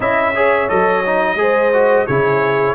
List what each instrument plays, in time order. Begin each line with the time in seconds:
0.00 tuba C#4, trombone E4, horn D#5, trumpet E5
0.34 trombone G#4, horn C#5
0.68 tuba F#3, trombone A4, trumpet D#5
1.05 trombone D#4
1.35 tuba G#3, trombone G#4, horn C5
1.73 trombone F#4
2.06 tuba C#3, trombone E4, horn G#4, trumpet C#5